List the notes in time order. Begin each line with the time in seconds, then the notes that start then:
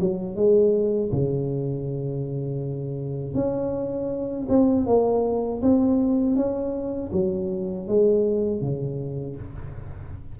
0.00 F#3
0.35 G#3
1.11 C#3
3.34 C#4
4.49 C4
4.86 A#3
5.62 C4
6.36 C#4
7.12 F#3
7.87 G#3
8.61 C#3